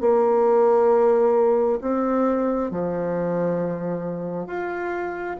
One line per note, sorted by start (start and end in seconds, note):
0.00 1.79 A#3
1.81 2.70 C4
2.70 4.47 F3
4.47 5.36 F4